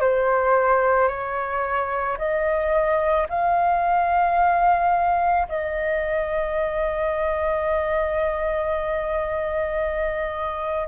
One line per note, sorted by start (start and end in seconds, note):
0.00 1.08 C5
1.08 2.17 C#5
2.18 3.27 D#5
3.29 5.47 F5
5.48 10.87 D#5